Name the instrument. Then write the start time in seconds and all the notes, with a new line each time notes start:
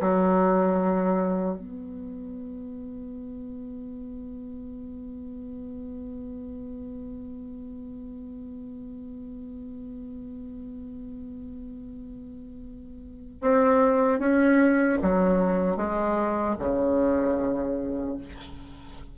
bassoon
0.00 F#3
1.58 B3
13.41 C4
14.19 C#4
15.02 F#3
15.76 G#3
16.59 C#3